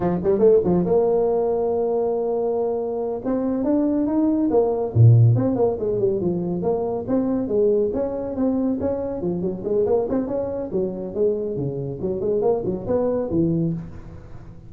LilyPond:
\new Staff \with { instrumentName = "tuba" } { \time 4/4 \tempo 4 = 140 f8 g8 a8 f8 ais2~ | ais2.~ ais8 c'8~ | c'8 d'4 dis'4 ais4 ais,8~ | ais,8 c'8 ais8 gis8 g8 f4 ais8~ |
ais8 c'4 gis4 cis'4 c'8~ | c'8 cis'4 f8 fis8 gis8 ais8 c'8 | cis'4 fis4 gis4 cis4 | fis8 gis8 ais8 fis8 b4 e4 | }